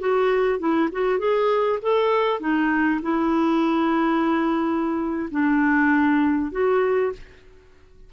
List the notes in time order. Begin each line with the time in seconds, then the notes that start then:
0.00 F#4
0.59 E4
0.92 F#4
1.19 G#4
1.82 A4
2.40 D#4
3.02 E4
5.31 D4
6.52 F#4